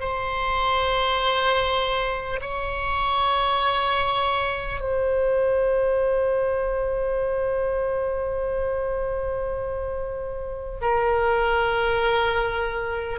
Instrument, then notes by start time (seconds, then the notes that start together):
oboe
0.00 C5
2.41 C#5
4.81 C5
10.82 A#4